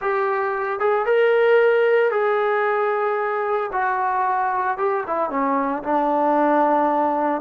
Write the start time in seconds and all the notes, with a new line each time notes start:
0.01 G4
0.79 G#4
1.05 A#4
2.11 G#4
3.72 F#4
4.77 G4
5.06 E4
5.30 C#4
5.83 D4